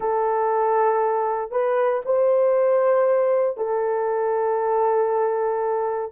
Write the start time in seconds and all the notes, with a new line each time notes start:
0.00 A4
1.51 B4
2.05 C5
3.57 A4